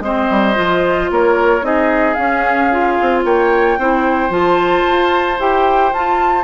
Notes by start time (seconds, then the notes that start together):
0.00 G#3 C4 C5 D#5
0.30 G3
0.55 F3 F4
1.10 A#3 A#4 C#5
1.61 C4 D#4 G#4 D#5
2.14 C#4 F5
2.71 F4
3.01 C4
3.24 A#3 C#5 G5
3.78 C4 E4 C5
4.30 F3 F4 A5
4.88 F4
5.39 E4 G4 G5
5.92 F4 A5